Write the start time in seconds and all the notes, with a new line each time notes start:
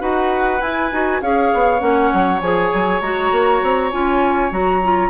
0.00 D#4 F#4 B4 F#5
0.60 E4 G#5
0.92 D#4 F#4
1.22 C#4 G#4 C#5 F5
1.54 B3
1.79 A#3 C#4 F#5
2.13 F#3
2.41 F3 G#4 G#5
2.73 F#3
3.01 G#3 F#4 A#5
3.32 A#3
3.62 C4
3.91 C#4 F4 G#5
4.50 F#3 F#4 A#5
4.83 F4